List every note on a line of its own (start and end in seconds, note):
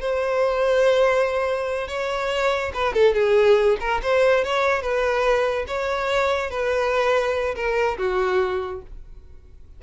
0.00 1.88 C5
1.88 2.72 C#5
2.74 2.93 B4
2.93 3.14 A4
3.14 3.77 G#4
3.80 4.01 A#4
4.02 4.44 C5
4.44 4.81 C#5
4.81 5.65 B4
5.67 6.50 C#5
6.50 7.55 B4
7.55 7.97 A#4
7.98 8.82 F#4